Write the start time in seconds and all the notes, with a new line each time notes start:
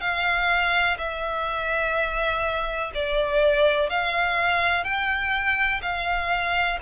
0.00 F5
0.98 E5
2.94 D5
3.89 F5
4.84 G5
5.82 F5